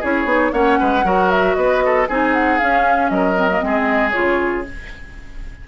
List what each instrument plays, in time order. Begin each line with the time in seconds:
0.00 bassoon C#4, clarinet E4, oboe G#4, flute C#5
0.24 bassoon B3, clarinet D#4
0.52 bassoon A#3, clarinet C#4, oboe C#5, flute F#5
0.79 bassoon G#3, oboe B4
1.03 bassoon F#3, clarinet F#4, oboe A#4
1.30 flute E5
1.55 bassoon B3, oboe B4, flute D#5
1.85 oboe A4
2.08 bassoon C4, clarinet D#4, oboe G#4, flute G#5
2.33 flute F#5
2.58 clarinet C#4, bassoon C#4, flute F5
3.09 bassoon F#3, oboe A#4, flute D#5
3.35 clarinet C4
3.50 clarinet A#3
3.60 bassoon G#3, clarinet C4, oboe G#4
4.10 clarinet F4, flute C#5
4.16 bassoon C#3